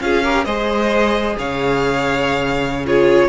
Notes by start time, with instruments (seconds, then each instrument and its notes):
0.00 cello C#4, viola F4, violin G#4 F5
0.23 viola G4, violin A#4
0.44 cello G#3, viola G#4, violin C5 D#5
1.38 cello C#3, violin C#5 F5
2.85 viola F4, violin G#4 C#5